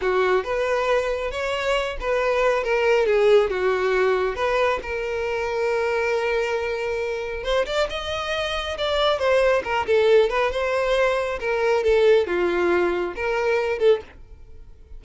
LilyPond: \new Staff \with { instrumentName = "violin" } { \time 4/4 \tempo 4 = 137 fis'4 b'2 cis''4~ | cis''8 b'4. ais'4 gis'4 | fis'2 b'4 ais'4~ | ais'1~ |
ais'4 c''8 d''8 dis''2 | d''4 c''4 ais'8 a'4 b'8 | c''2 ais'4 a'4 | f'2 ais'4. a'8 | }